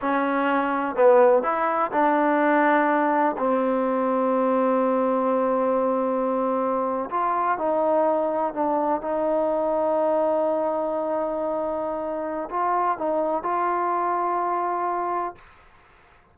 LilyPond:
\new Staff \with { instrumentName = "trombone" } { \time 4/4 \tempo 4 = 125 cis'2 b4 e'4 | d'2. c'4~ | c'1~ | c'2~ c'8. f'4 dis'16~ |
dis'4.~ dis'16 d'4 dis'4~ dis'16~ | dis'1~ | dis'2 f'4 dis'4 | f'1 | }